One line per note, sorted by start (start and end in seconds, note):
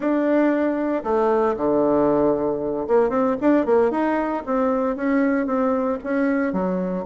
0.00 1.03 D4
1.03 1.55 A3
1.56 2.87 D3
2.87 3.09 A#3
3.09 3.35 C4
3.40 3.65 D4
3.65 3.90 A#3
3.90 4.43 D#4
4.46 4.95 C4
4.95 5.46 C#4
5.46 5.98 C4
6.03 6.52 C#4
6.52 7.05 F#3